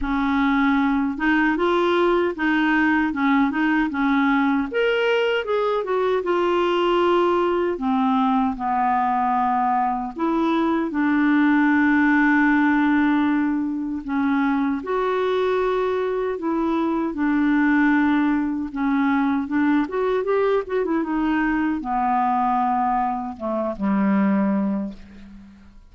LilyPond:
\new Staff \with { instrumentName = "clarinet" } { \time 4/4 \tempo 4 = 77 cis'4. dis'8 f'4 dis'4 | cis'8 dis'8 cis'4 ais'4 gis'8 fis'8 | f'2 c'4 b4~ | b4 e'4 d'2~ |
d'2 cis'4 fis'4~ | fis'4 e'4 d'2 | cis'4 d'8 fis'8 g'8 fis'16 e'16 dis'4 | b2 a8 g4. | }